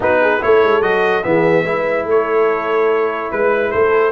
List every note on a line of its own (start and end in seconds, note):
0.00 0.41 B3
0.00 0.40 D#4
0.00 0.21 F#4
0.00 0.42 B4
0.21 0.42 G#4
0.40 0.63 A3
0.40 0.82 E4
0.40 1.26 A4
0.40 0.82 C#5
0.63 0.82 G#3
0.82 1.23 F#3
0.82 1.23 F#4
0.82 1.23 D#5
1.23 1.64 E3
1.23 1.64 B3
1.23 1.64 G#4
1.23 2.06 E5
1.64 2.04 G#3
1.64 4.11 E4
1.64 2.06 B4
2.04 3.28 A3
2.04 3.33 A4
2.04 3.31 C#5
3.31 3.73 G#3
3.31 3.71 B4
3.71 4.11 A3
3.71 4.11 A4
3.71 4.11 C5